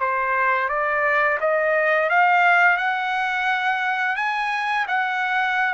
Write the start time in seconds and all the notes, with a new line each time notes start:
0.00 C5
0.69 D5
1.40 D#5
2.10 F5
2.77 F#5
4.16 G#5
4.88 F#5